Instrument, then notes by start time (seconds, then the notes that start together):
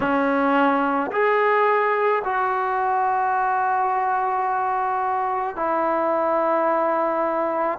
trombone
0.00 C#4
1.11 G#4
2.24 F#4
5.56 E4